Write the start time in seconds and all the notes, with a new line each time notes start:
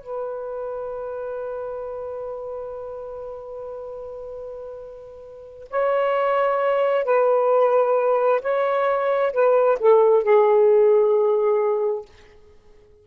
0.00 B4
5.70 C#5
7.05 B4
8.41 C#5
9.33 B4
9.80 A4
10.23 G#4